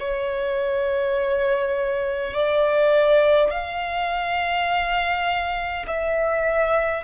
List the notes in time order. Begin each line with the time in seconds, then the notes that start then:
0.00 C#5
2.34 D5
3.51 F5
5.87 E5